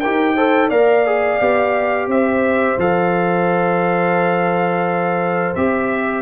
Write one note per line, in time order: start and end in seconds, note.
0.00 0.70 D#4
0.00 0.37 G4
0.00 0.35 A#4
0.00 0.69 G5
0.36 0.71 A4
0.36 0.69 C5
0.69 1.39 A#3
0.69 1.06 A#4
0.69 2.07 D5
0.69 2.08 F5
1.06 1.40 G#4
1.40 2.07 B3
1.40 2.78 G4
2.07 2.76 C4
2.07 6.22 C5
2.07 2.79 E5
2.78 5.54 F3
2.78 5.55 A4
2.78 5.55 F5
5.55 6.22 C4
5.55 6.22 G4
5.55 6.22 E5